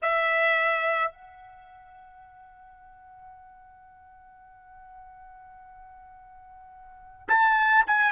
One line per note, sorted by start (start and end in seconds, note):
0.02 1.11 E5
1.11 7.28 F#5
7.28 7.84 A5
7.86 8.12 G#5